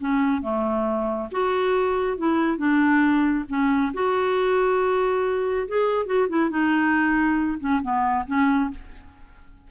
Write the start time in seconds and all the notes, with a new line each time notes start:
0.00 C#4
0.42 A3
1.31 F#4
2.18 E4
2.58 D4
3.49 C#4
3.93 F#4
5.68 G#4
6.06 F#4
6.29 E4
6.50 D#4
7.60 C#4
7.82 B3
8.27 C#4